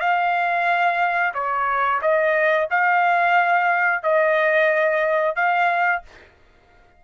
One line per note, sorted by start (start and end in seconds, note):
0.00 1.33 F5
1.34 2.01 C#5
2.02 2.68 D#5
2.71 4.03 F5
4.03 5.36 D#5
5.36 6.02 F5